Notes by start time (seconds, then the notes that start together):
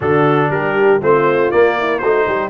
0.00 D3 D4 F#4 A4
0.50 G3 G4 A#4
1.01 A3 C4 F4 C5
1.51 A#3 D5
1.79 E4
1.99 A3 D#4 F#4 C5
2.27 G3 G4